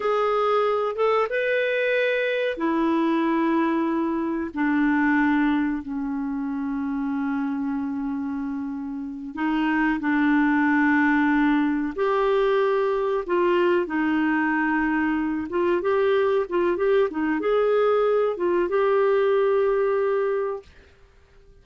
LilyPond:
\new Staff \with { instrumentName = "clarinet" } { \time 4/4 \tempo 4 = 93 gis'4. a'8 b'2 | e'2. d'4~ | d'4 cis'2.~ | cis'2~ cis'8 dis'4 d'8~ |
d'2~ d'8 g'4.~ | g'8 f'4 dis'2~ dis'8 | f'8 g'4 f'8 g'8 dis'8 gis'4~ | gis'8 f'8 g'2. | }